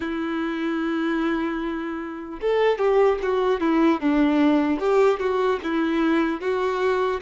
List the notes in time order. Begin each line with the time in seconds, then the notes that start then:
0.00 E4
2.41 A4
2.78 G4
3.22 F#4
3.60 E4
4.00 D4
4.79 G4
5.19 F#4
5.63 E4
6.40 F#4